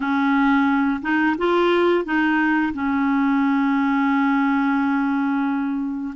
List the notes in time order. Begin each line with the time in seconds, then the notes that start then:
0.00 C#4
1.01 D#4
1.38 F4
2.05 D#4
2.73 C#4